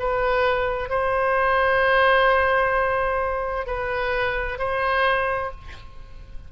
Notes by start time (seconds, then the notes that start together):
0.00 B4
0.90 C5
3.67 B4
4.59 C5